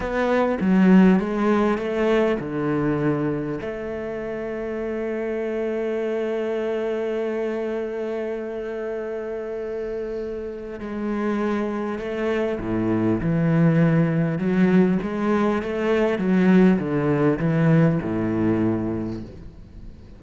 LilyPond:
\new Staff \with { instrumentName = "cello" } { \time 4/4 \tempo 4 = 100 b4 fis4 gis4 a4 | d2 a2~ | a1~ | a1~ |
a2 gis2 | a4 a,4 e2 | fis4 gis4 a4 fis4 | d4 e4 a,2 | }